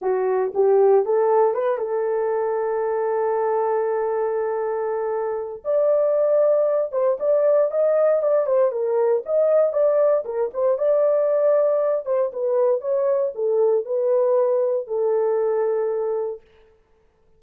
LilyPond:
\new Staff \with { instrumentName = "horn" } { \time 4/4 \tempo 4 = 117 fis'4 g'4 a'4 b'8 a'8~ | a'1~ | a'2. d''4~ | d''4. c''8 d''4 dis''4 |
d''8 c''8 ais'4 dis''4 d''4 | ais'8 c''8 d''2~ d''8 c''8 | b'4 cis''4 a'4 b'4~ | b'4 a'2. | }